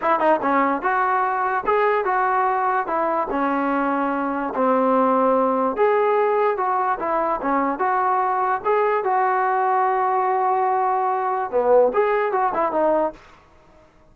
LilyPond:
\new Staff \with { instrumentName = "trombone" } { \time 4/4 \tempo 4 = 146 e'8 dis'8 cis'4 fis'2 | gis'4 fis'2 e'4 | cis'2. c'4~ | c'2 gis'2 |
fis'4 e'4 cis'4 fis'4~ | fis'4 gis'4 fis'2~ | fis'1 | b4 gis'4 fis'8 e'8 dis'4 | }